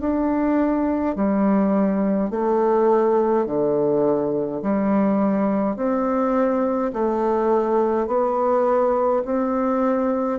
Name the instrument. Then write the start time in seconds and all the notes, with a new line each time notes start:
bassoon
0.00 D4
1.15 G3
2.30 A3
3.46 D3
4.62 G3
5.76 C4
6.92 A3
8.07 B3
9.25 C4